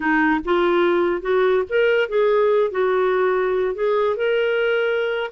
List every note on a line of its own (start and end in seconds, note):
0.00 0.40 D#4
0.44 1.21 F4
1.21 1.63 F#4
1.69 2.08 A#4
2.08 2.71 G#4
2.71 3.74 F#4
3.74 4.16 G#4
4.16 5.30 A#4